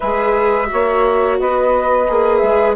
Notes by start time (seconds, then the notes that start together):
0.00 G#3 G#4 B4 E5
0.66 F#4 C#5
0.73 A#3
1.39 B3 B4 D#5
2.08 A#3 G#4
2.37 G#3 E5